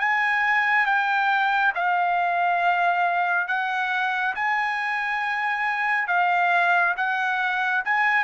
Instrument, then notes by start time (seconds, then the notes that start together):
trumpet
0.00 G#5
0.86 G5
1.75 F5
3.48 F#5
4.36 G#5
6.08 F5
6.97 F#5
7.85 G#5